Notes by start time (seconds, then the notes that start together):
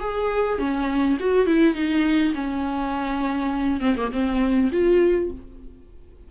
0.00 G#4
0.59 C#4
1.20 F#4
1.47 E4
1.75 D#4
2.34 C#4
3.81 C4
3.97 A#3
4.12 C4
4.72 F4